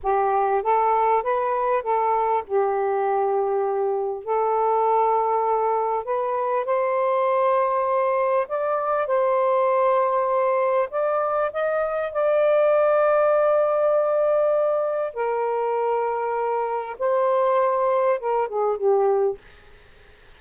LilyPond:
\new Staff \with { instrumentName = "saxophone" } { \time 4/4 \tempo 4 = 99 g'4 a'4 b'4 a'4 | g'2. a'4~ | a'2 b'4 c''4~ | c''2 d''4 c''4~ |
c''2 d''4 dis''4 | d''1~ | d''4 ais'2. | c''2 ais'8 gis'8 g'4 | }